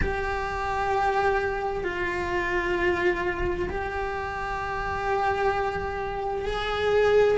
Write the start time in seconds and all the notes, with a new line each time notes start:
0.01 G4
1.84 F4
3.69 G4
6.45 G#4